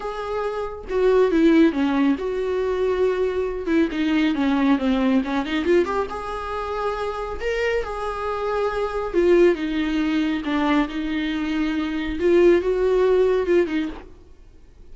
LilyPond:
\new Staff \with { instrumentName = "viola" } { \time 4/4 \tempo 4 = 138 gis'2 fis'4 e'4 | cis'4 fis'2.~ | fis'8 e'8 dis'4 cis'4 c'4 | cis'8 dis'8 f'8 g'8 gis'2~ |
gis'4 ais'4 gis'2~ | gis'4 f'4 dis'2 | d'4 dis'2. | f'4 fis'2 f'8 dis'8 | }